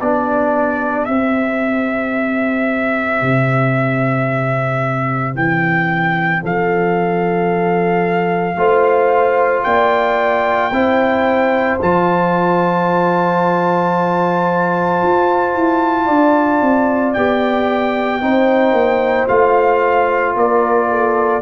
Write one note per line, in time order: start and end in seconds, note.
0.00 1.09 B3
0.00 1.10 D4
0.00 6.43 G4
0.00 1.06 D5
1.06 3.22 C4
1.06 8.57 C4
1.06 5.34 E5
3.22 5.35 C3
5.35 6.42 E3
5.35 6.44 G5
6.43 8.56 F3
6.43 8.57 A4
6.43 9.64 F5
8.56 9.64 A3
8.56 10.72 F4
8.56 9.66 C5
9.64 10.71 A#3
9.64 10.74 D5
9.64 11.78 G5
10.71 11.79 C4
10.71 11.81 E4
10.71 16.06 C5
11.82 15.03 F3
11.82 17.17 F4
11.82 17.14 A5
15.03 15.55 F4
15.55 16.08 E4
16.06 16.62 D4
16.06 18.20 D5
16.62 17.15 C4
17.14 18.23 B3
17.14 18.22 G4
17.14 19.28 G5
18.22 18.73 C4
18.22 19.29 D#4
18.22 20.36 C5
18.73 19.26 A#3
19.29 20.36 A3
19.29 21.42 F4
19.29 20.36 F5
20.36 21.42 A#3
20.36 20.89 A#4
20.36 21.42 D5
20.90 21.42 A4